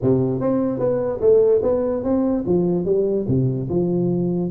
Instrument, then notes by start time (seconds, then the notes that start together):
tuba
0.01 C3
0.40 C4
0.79 B3
1.20 A3
1.62 B3
2.03 C4
2.46 F3
2.85 G3
3.28 C3
3.69 F3